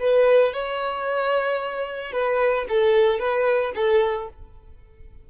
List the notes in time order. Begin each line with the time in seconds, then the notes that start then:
0.00 B4
0.53 C#5
2.13 B4
2.69 A4
3.19 B4
3.75 A4